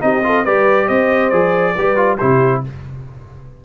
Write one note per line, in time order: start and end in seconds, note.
0.00 0.46 C4
0.00 0.22 D#4
0.00 0.25 G4
0.00 0.45 D#5
0.23 0.45 F4
0.23 0.44 A4
0.44 0.89 G3
0.44 1.31 G4
0.44 0.87 B4
0.44 0.88 D5
0.87 1.32 C4
0.87 1.74 C5
0.87 1.29 D#5
1.29 1.75 F3
1.29 1.75 G#4
1.29 2.16 D5
1.74 2.21 G3
1.74 1.96 G4
1.74 2.18 B4
1.96 2.18 F4
2.17 2.64 C3
2.17 2.63 E4
2.17 2.62 G4
2.17 2.61 C5